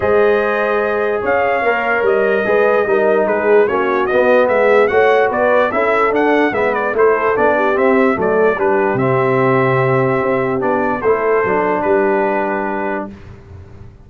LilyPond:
<<
  \new Staff \with { instrumentName = "trumpet" } { \time 4/4 \tempo 4 = 147 dis''2. f''4~ | f''4 dis''2. | b'4 cis''4 dis''4 e''4 | fis''4 d''4 e''4 fis''4 |
e''8 d''8 c''4 d''4 e''4 | d''4 b'4 e''2~ | e''2 d''4 c''4~ | c''4 b'2. | }
  \new Staff \with { instrumentName = "horn" } { \time 4/4 c''2. cis''4~ | cis''2 b'4 ais'4 | gis'4 fis'2 gis'4 | cis''4 b'4 a'2 |
b'4 a'4. g'4. | a'4 g'2.~ | g'2. a'4~ | a'4 g'2. | }
  \new Staff \with { instrumentName = "trombone" } { \time 4/4 gis'1 | ais'2 gis'4 dis'4~ | dis'4 cis'4 b2 | fis'2 e'4 d'4 |
b4 e'4 d'4 c'4 | a4 d'4 c'2~ | c'2 d'4 e'4 | d'1 | }
  \new Staff \with { instrumentName = "tuba" } { \time 4/4 gis2. cis'4 | ais4 g4 gis4 g4 | gis4 ais4 b4 gis4 | a4 b4 cis'4 d'4 |
gis4 a4 b4 c'4 | fis4 g4 c2~ | c4 c'4 b4 a4 | fis4 g2. | }
>>